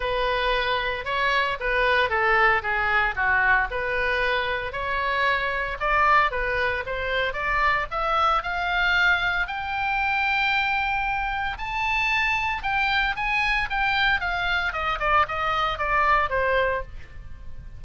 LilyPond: \new Staff \with { instrumentName = "oboe" } { \time 4/4 \tempo 4 = 114 b'2 cis''4 b'4 | a'4 gis'4 fis'4 b'4~ | b'4 cis''2 d''4 | b'4 c''4 d''4 e''4 |
f''2 g''2~ | g''2 a''2 | g''4 gis''4 g''4 f''4 | dis''8 d''8 dis''4 d''4 c''4 | }